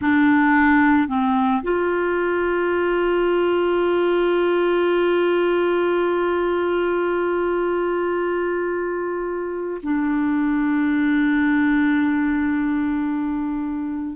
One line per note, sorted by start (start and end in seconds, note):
0.01 1.08 D4
1.08 1.62 C4
1.63 9.81 F4
9.82 14.15 D4